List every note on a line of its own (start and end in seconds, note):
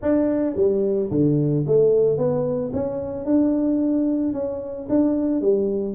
0.01 0.56 D4
0.56 1.10 G3
1.11 1.65 D3
1.66 2.17 A3
2.17 2.71 B3
2.73 3.25 C#4
3.25 4.33 D4
4.33 4.87 C#4
4.89 5.41 D4
5.41 5.94 G3